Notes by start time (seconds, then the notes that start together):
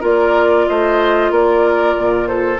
0.00 A#3 F4 A#4 D5
0.67 A3 C5 D#5
1.30 A#3 A#4 D5
1.98 A#2
2.27 A4 C5